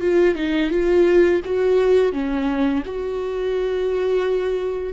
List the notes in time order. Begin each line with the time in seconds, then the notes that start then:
0.00 F4
0.35 D#4
0.70 F4
1.44 F#4
2.12 C#4
2.85 F#4